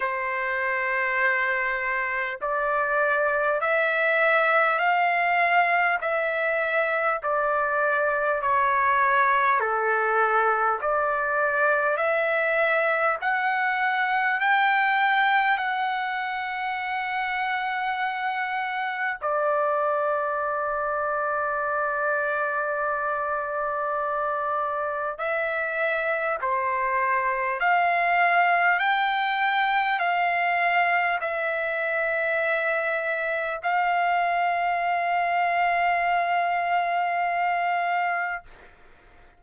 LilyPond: \new Staff \with { instrumentName = "trumpet" } { \time 4/4 \tempo 4 = 50 c''2 d''4 e''4 | f''4 e''4 d''4 cis''4 | a'4 d''4 e''4 fis''4 | g''4 fis''2. |
d''1~ | d''4 e''4 c''4 f''4 | g''4 f''4 e''2 | f''1 | }